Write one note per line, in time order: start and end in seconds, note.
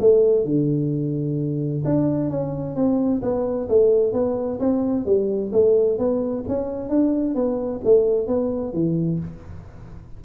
0.00 0.45 A3
0.45 1.83 D3
1.85 2.30 D4
2.30 2.75 C#4
2.75 3.21 C4
3.22 3.68 B3
3.69 4.13 A3
4.13 4.59 B3
4.59 5.05 C4
5.05 5.52 G3
5.52 5.98 A3
5.98 6.44 B3
6.48 6.89 C#4
6.89 7.34 D4
7.34 7.81 B3
7.84 8.27 A3
8.27 8.73 B3
8.73 9.19 E3